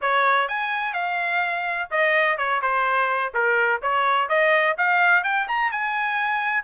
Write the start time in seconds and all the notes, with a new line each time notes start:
0.01 C#5
0.48 G#5
0.93 F5
1.90 D#5
2.37 C#5
2.61 C5
3.34 A#4
3.81 C#5
4.28 D#5
4.77 F5
5.23 G5
5.48 A#5
5.71 G#5